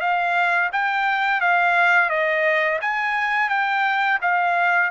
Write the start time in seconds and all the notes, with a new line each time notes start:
0.00 F5
0.72 G5
1.41 F5
2.09 D#5
2.81 G#5
3.49 G5
4.21 F5